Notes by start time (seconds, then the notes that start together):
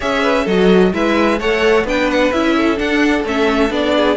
0.00 C#4 G#4 C#5 E5
0.22 B4
0.43 F#3 F#4 A4 D#5
0.93 G#3 E4 B4 E5
1.39 A3 A4 C#5 F#5
1.84 B3 D4 B4 G5
2.10 F#5
2.32 C#4 E4 E5
2.56 A4
2.76 D4 F#5
3.24 A3 C#4 E5
3.69 B3 D4 D5
3.95 G#4